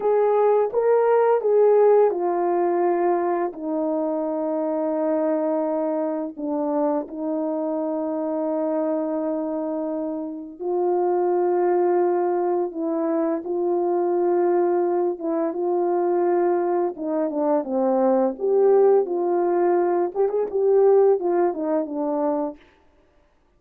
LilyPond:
\new Staff \with { instrumentName = "horn" } { \time 4/4 \tempo 4 = 85 gis'4 ais'4 gis'4 f'4~ | f'4 dis'2.~ | dis'4 d'4 dis'2~ | dis'2. f'4~ |
f'2 e'4 f'4~ | f'4. e'8 f'2 | dis'8 d'8 c'4 g'4 f'4~ | f'8 g'16 gis'16 g'4 f'8 dis'8 d'4 | }